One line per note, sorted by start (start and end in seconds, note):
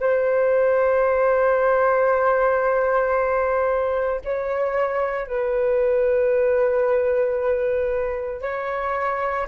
0.00 4.21 C5
4.24 5.27 C#5
5.27 8.42 B4
8.42 9.47 C#5